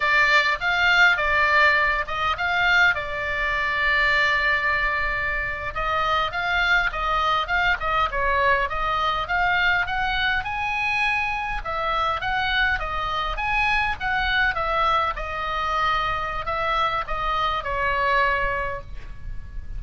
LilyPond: \new Staff \with { instrumentName = "oboe" } { \time 4/4 \tempo 4 = 102 d''4 f''4 d''4. dis''8 | f''4 d''2.~ | d''4.~ d''16 dis''4 f''4 dis''16~ | dis''8. f''8 dis''8 cis''4 dis''4 f''16~ |
f''8. fis''4 gis''2 e''16~ | e''8. fis''4 dis''4 gis''4 fis''16~ | fis''8. e''4 dis''2~ dis''16 | e''4 dis''4 cis''2 | }